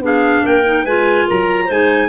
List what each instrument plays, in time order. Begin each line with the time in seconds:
0.00 tuba B3, clarinet D4 G#4, trumpet F5
0.43 tuba A#3, clarinet A#4, trumpet G5
0.64 clarinet D#4
0.84 tuba G#3, clarinet F4 B4, trumpet G#5
1.27 tuba F#3, clarinet A#4, trumpet A#5
1.65 tuba G#3, clarinet D#4 C5
1.71 trumpet G#5